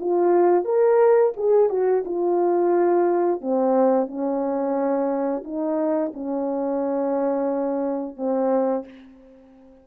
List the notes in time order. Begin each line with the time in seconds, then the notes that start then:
0.00 F4
0.65 A#4
1.37 G#4
1.70 F#4
2.05 F4
3.41 C4
4.07 C#4
5.44 D#4
6.14 C#4
8.17 C4